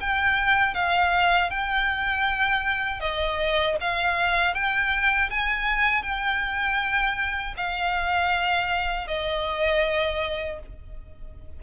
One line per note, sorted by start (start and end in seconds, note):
0.00 0.74 G5
0.74 1.50 F5
1.50 3.00 G5
3.00 3.76 D#5
3.80 4.54 F5
4.54 5.30 G5
5.30 6.02 G#5
6.02 7.54 G5
7.57 9.07 F5
9.07 10.59 D#5